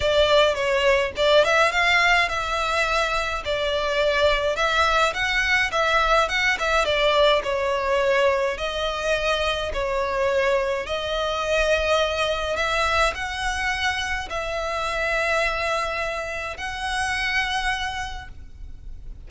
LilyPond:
\new Staff \with { instrumentName = "violin" } { \time 4/4 \tempo 4 = 105 d''4 cis''4 d''8 e''8 f''4 | e''2 d''2 | e''4 fis''4 e''4 fis''8 e''8 | d''4 cis''2 dis''4~ |
dis''4 cis''2 dis''4~ | dis''2 e''4 fis''4~ | fis''4 e''2.~ | e''4 fis''2. | }